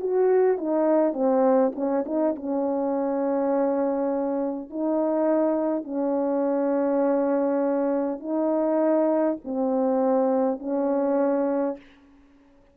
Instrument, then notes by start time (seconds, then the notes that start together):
horn
0.00 F#4
0.57 D#4
1.13 C4
1.75 C#4
2.05 D#4
2.35 C#4
4.70 D#4
5.84 C#4
8.19 D#4
9.44 C4
10.59 C#4